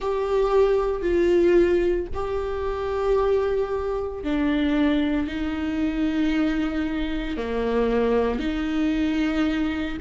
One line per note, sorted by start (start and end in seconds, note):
0.00 1.01 G4
1.01 2.06 F4
2.13 4.23 G4
4.23 5.27 D4
5.27 7.37 D#4
7.37 8.39 A#3
8.39 9.97 D#4